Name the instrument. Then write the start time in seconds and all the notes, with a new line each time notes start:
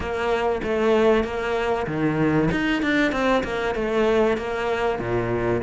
cello
0.00 A#3
0.63 A3
1.23 A#3
1.87 D#3
2.51 D#4
2.82 D4
3.12 C4
3.43 A#3
3.74 A3
4.37 A#3
4.99 A#2